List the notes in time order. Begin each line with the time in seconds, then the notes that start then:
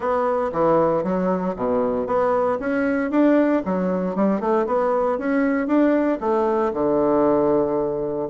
0.00 B3
0.52 E3
1.03 F#3
1.56 B2
2.06 B3
2.59 C#4
3.10 D4
3.65 F#3
4.15 G3
4.40 A3
4.66 B3
5.18 C#4
5.67 D4
6.20 A3
6.73 D3